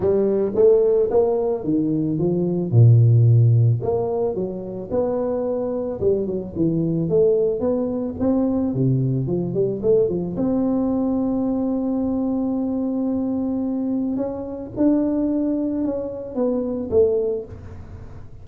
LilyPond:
\new Staff \with { instrumentName = "tuba" } { \time 4/4 \tempo 4 = 110 g4 a4 ais4 dis4 | f4 ais,2 ais4 | fis4 b2 g8 fis8 | e4 a4 b4 c'4 |
c4 f8 g8 a8 f8 c'4~ | c'1~ | c'2 cis'4 d'4~ | d'4 cis'4 b4 a4 | }